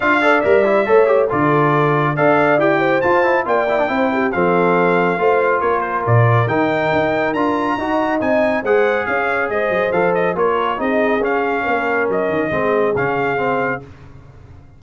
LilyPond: <<
  \new Staff \with { instrumentName = "trumpet" } { \time 4/4 \tempo 4 = 139 f''4 e''2 d''4~ | d''4 f''4 g''4 a''4 | g''2 f''2~ | f''4 cis''8 c''8 d''4 g''4~ |
g''4 ais''2 gis''4 | fis''4 f''4 dis''4 f''8 dis''8 | cis''4 dis''4 f''2 | dis''2 f''2 | }
  \new Staff \with { instrumentName = "horn" } { \time 4/4 e''8 d''4. cis''4 a'4~ | a'4 d''4. c''4. | d''4 c''8 g'8 a'2 | c''4 ais'2.~ |
ais'2 dis''2 | c''4 cis''4 c''2 | ais'4 gis'2 ais'4~ | ais'4 gis'2. | }
  \new Staff \with { instrumentName = "trombone" } { \time 4/4 f'8 a'8 ais'8 e'8 a'8 g'8 f'4~ | f'4 a'4 g'4 f'8 e'8 | f'8 e'16 d'16 e'4 c'2 | f'2. dis'4~ |
dis'4 f'4 fis'4 dis'4 | gis'2. a'4 | f'4 dis'4 cis'2~ | cis'4 c'4 cis'4 c'4 | }
  \new Staff \with { instrumentName = "tuba" } { \time 4/4 d'4 g4 a4 d4~ | d4 d'4 e'4 f'4 | ais4 c'4 f2 | a4 ais4 ais,4 dis4 |
dis'4 d'4 dis'4 c'4 | gis4 cis'4 gis8 fis8 f4 | ais4 c'4 cis'4 ais4 | fis8 dis8 gis4 cis2 | }
>>